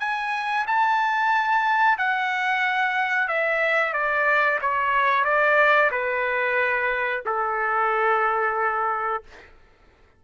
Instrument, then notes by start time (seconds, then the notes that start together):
trumpet
0.00 G#5
0.67 A5
1.98 F#5
3.28 E5
3.93 D5
4.61 C#5
5.24 D5
5.91 B4
7.26 A4